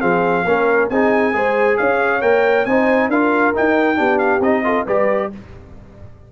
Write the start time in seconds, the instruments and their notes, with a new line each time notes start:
0.00 tuba F3, trombone C4, horn G#4, trumpet F5
0.44 tuba A#3, trombone C#4, horn A#4
0.89 tuba C4, trombone D#4, horn G#4, trumpet G#5
1.33 tuba G#3, trombone G#4, horn C5
1.77 tuba C#4, horn C#5, trumpet F5
2.21 tuba A#3, trombone A#4, trumpet G5
2.65 tuba C4, trombone D#4, horn C5, trumpet G#5
3.08 tuba D4, trombone F4, horn A#4, trumpet F5
3.54 trombone D#4, tuba D#4, trumpet G5
3.96 tuba B3, trombone D4, horn G4
4.18 trumpet F5
4.40 tuba C4, trombone D#4, trumpet D#5
4.64 trombone F4, horn A4
4.85 tuba G3, trombone G4, horn B4, trumpet D5